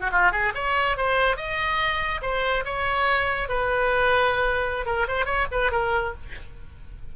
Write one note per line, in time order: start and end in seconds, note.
0.00 0.11 F#4
0.12 0.32 F4
0.32 0.53 G#4
0.55 0.97 C#5
0.97 1.37 C5
1.37 2.21 D#5
2.22 2.64 C5
2.65 3.49 C#5
3.49 4.86 B4
4.86 5.07 A#4
5.08 5.26 C5
5.26 5.47 C#5
5.52 5.71 B4
5.71 6.14 A#4